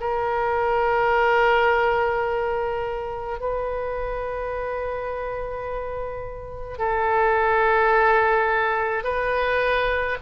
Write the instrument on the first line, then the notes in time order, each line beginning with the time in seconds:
oboe
0.00 A#4
3.40 B4
6.78 A4
9.04 B4